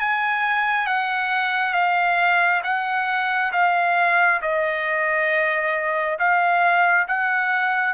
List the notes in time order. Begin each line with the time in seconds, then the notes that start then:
0.00 G#5
0.87 F#5
1.73 F5
2.64 F#5
3.52 F5
4.42 D#5
6.19 F5
7.07 F#5